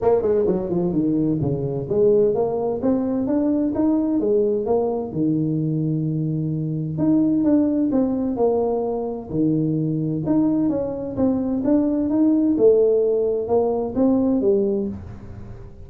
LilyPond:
\new Staff \with { instrumentName = "tuba" } { \time 4/4 \tempo 4 = 129 ais8 gis8 fis8 f8 dis4 cis4 | gis4 ais4 c'4 d'4 | dis'4 gis4 ais4 dis4~ | dis2. dis'4 |
d'4 c'4 ais2 | dis2 dis'4 cis'4 | c'4 d'4 dis'4 a4~ | a4 ais4 c'4 g4 | }